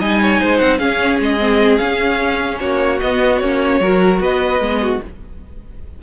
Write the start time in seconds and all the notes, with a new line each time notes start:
0.00 G3 D#4 D#5 G#5
0.22 C#5
0.41 G#3 C5
0.58 C4 F#5
0.79 C#4 G#4 F5
1.20 G#3 D#5
1.40 C4
1.78 C#4 F5
2.60 A#3 F#4 C#5
3.01 B3 D#5
3.38 A#3 C#4 C#5
3.81 F#3 F#4 A#4
4.20 B3 B4 D#5
4.60 G#3 B3
4.82 F#4